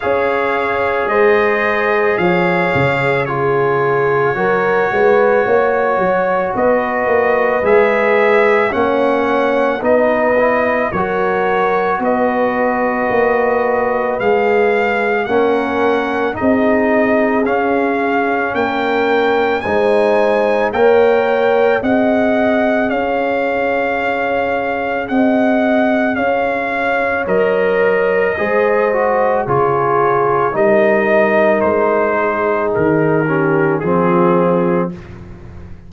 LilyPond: <<
  \new Staff \with { instrumentName = "trumpet" } { \time 4/4 \tempo 4 = 55 f''4 dis''4 f''4 cis''4~ | cis''2 dis''4 e''4 | fis''4 dis''4 cis''4 dis''4~ | dis''4 f''4 fis''4 dis''4 |
f''4 g''4 gis''4 g''4 | fis''4 f''2 fis''4 | f''4 dis''2 cis''4 | dis''4 c''4 ais'4 gis'4 | }
  \new Staff \with { instrumentName = "horn" } { \time 4/4 cis''4 c''4 cis''4 gis'4 | ais'8 b'8 cis''4 b'2 | cis''4 b'4 ais'4 b'4~ | b'2 ais'4 gis'4~ |
gis'4 ais'4 c''4 cis''4 | dis''4 cis''2 dis''4 | cis''2 c''4 gis'4 | ais'4. gis'4 g'8 f'4 | }
  \new Staff \with { instrumentName = "trombone" } { \time 4/4 gis'2. f'4 | fis'2. gis'4 | cis'4 dis'8 e'8 fis'2~ | fis'4 gis'4 cis'4 dis'4 |
cis'2 dis'4 ais'4 | gis'1~ | gis'4 ais'4 gis'8 fis'8 f'4 | dis'2~ dis'8 cis'8 c'4 | }
  \new Staff \with { instrumentName = "tuba" } { \time 4/4 cis'4 gis4 f8 cis4. | fis8 gis8 ais8 fis8 b8 ais8 gis4 | ais4 b4 fis4 b4 | ais4 gis4 ais4 c'4 |
cis'4 ais4 gis4 ais4 | c'4 cis'2 c'4 | cis'4 fis4 gis4 cis4 | g4 gis4 dis4 f4 | }
>>